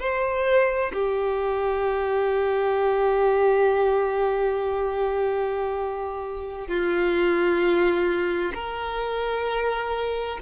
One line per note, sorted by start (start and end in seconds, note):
0.00 0.92 C5
0.94 6.68 G4
6.68 8.53 F4
8.55 10.39 A#4